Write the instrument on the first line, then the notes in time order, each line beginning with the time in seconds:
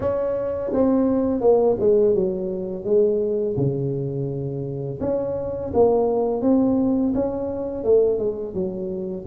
tuba
0.00 C#4
0.73 C4
1.40 A#3
1.79 G#3
2.14 F#3
2.84 G#3
3.56 C#3
5.00 C#4
5.73 A#3
6.41 C4
7.14 C#4
7.84 A3
8.19 G#3
8.54 F#3